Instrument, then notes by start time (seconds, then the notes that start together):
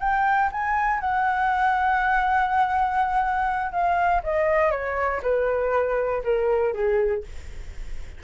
flute
0.00 G5
0.52 G#5
1.00 F#5
3.72 F5
4.23 D#5
4.71 C#5
5.23 B4
6.24 A#4
6.73 G#4